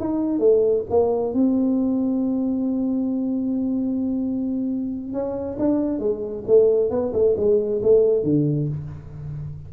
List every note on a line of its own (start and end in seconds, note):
0.00 0.39 D#4
0.39 0.84 A3
0.90 1.34 A#3
1.34 5.13 C4
5.13 5.57 C#4
5.59 5.99 D4
5.99 6.44 G#3
6.47 6.90 A3
6.90 7.12 B3
7.13 7.36 A3
7.37 7.82 G#3
7.83 8.23 A3
8.23 8.68 D3